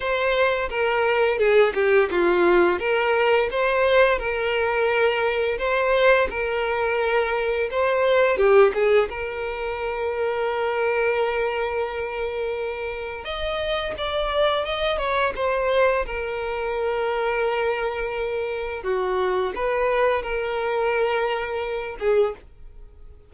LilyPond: \new Staff \with { instrumentName = "violin" } { \time 4/4 \tempo 4 = 86 c''4 ais'4 gis'8 g'8 f'4 | ais'4 c''4 ais'2 | c''4 ais'2 c''4 | g'8 gis'8 ais'2.~ |
ais'2. dis''4 | d''4 dis''8 cis''8 c''4 ais'4~ | ais'2. fis'4 | b'4 ais'2~ ais'8 gis'8 | }